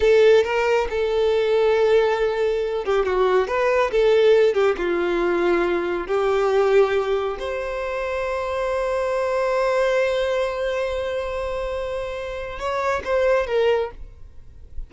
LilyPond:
\new Staff \with { instrumentName = "violin" } { \time 4/4 \tempo 4 = 138 a'4 ais'4 a'2~ | a'2~ a'8 g'8 fis'4 | b'4 a'4. g'8 f'4~ | f'2 g'2~ |
g'4 c''2.~ | c''1~ | c''1~ | c''4 cis''4 c''4 ais'4 | }